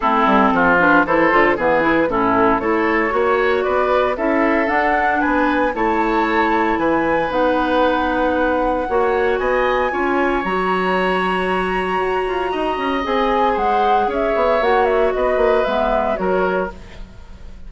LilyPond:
<<
  \new Staff \with { instrumentName = "flute" } { \time 4/4 \tempo 4 = 115 a'4. b'8 c''4 b'4 | a'4 cis''2 d''4 | e''4 fis''4 gis''4 a''4~ | a''4 gis''4 fis''2~ |
fis''2 gis''2 | ais''1~ | ais''4 gis''4 fis''4 e''4 | fis''8 e''8 dis''4 e''4 cis''4 | }
  \new Staff \with { instrumentName = "oboe" } { \time 4/4 e'4 f'4 a'4 gis'4 | e'4 a'4 cis''4 b'4 | a'2 b'4 cis''4~ | cis''4 b'2.~ |
b'4 cis''4 dis''4 cis''4~ | cis''1 | dis''2 c''4 cis''4~ | cis''4 b'2 ais'4 | }
  \new Staff \with { instrumentName = "clarinet" } { \time 4/4 c'4. d'8 e'8 f'8 b8 e'8 | cis'4 e'4 fis'2 | e'4 d'2 e'4~ | e'2 dis'2~ |
dis'4 fis'2 f'4 | fis'1~ | fis'4 gis'2. | fis'2 b4 fis'4 | }
  \new Staff \with { instrumentName = "bassoon" } { \time 4/4 a8 g8 f4 e8 d8 e4 | a,4 a4 ais4 b4 | cis'4 d'4 b4 a4~ | a4 e4 b2~ |
b4 ais4 b4 cis'4 | fis2. fis'8 f'8 | dis'8 cis'8 c'4 gis4 cis'8 b8 | ais4 b8 ais8 gis4 fis4 | }
>>